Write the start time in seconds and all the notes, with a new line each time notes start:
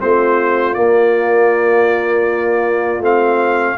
0.00 A3 C4 F4 C5
0.74 A#3 D5
2.99 A3 C4 F5